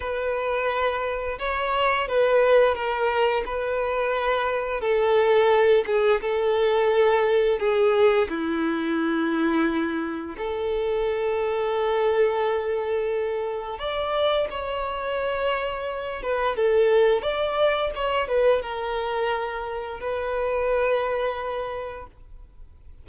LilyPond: \new Staff \with { instrumentName = "violin" } { \time 4/4 \tempo 4 = 87 b'2 cis''4 b'4 | ais'4 b'2 a'4~ | a'8 gis'8 a'2 gis'4 | e'2. a'4~ |
a'1 | d''4 cis''2~ cis''8 b'8 | a'4 d''4 cis''8 b'8 ais'4~ | ais'4 b'2. | }